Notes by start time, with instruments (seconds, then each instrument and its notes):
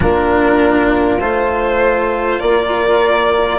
0.00 bassoon A#3, cello D4, horn F4, violin A#4
1.19 bassoon A3, cello F4, violin C5
2.39 bassoon A#3, horn A#4, violin D5